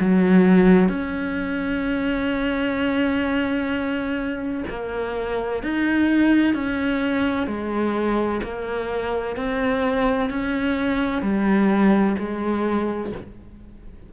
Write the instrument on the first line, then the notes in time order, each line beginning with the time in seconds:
cello
0.00 F#3
0.89 C#4
4.70 A#3
5.63 D#4
6.54 C#4
7.47 G#3
8.42 A#3
9.36 C4
10.30 C#4
11.22 G3
12.18 G#3